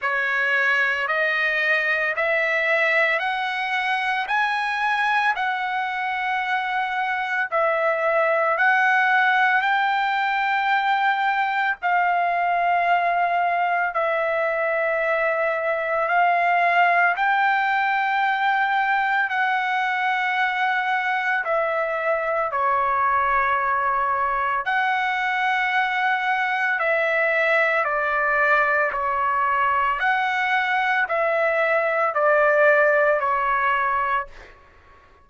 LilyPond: \new Staff \with { instrumentName = "trumpet" } { \time 4/4 \tempo 4 = 56 cis''4 dis''4 e''4 fis''4 | gis''4 fis''2 e''4 | fis''4 g''2 f''4~ | f''4 e''2 f''4 |
g''2 fis''2 | e''4 cis''2 fis''4~ | fis''4 e''4 d''4 cis''4 | fis''4 e''4 d''4 cis''4 | }